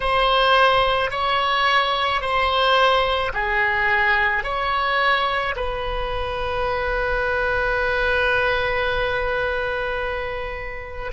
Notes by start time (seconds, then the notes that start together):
0.00 C5
1.11 C#5
2.21 C5
3.33 G#4
4.43 C#5
5.56 B4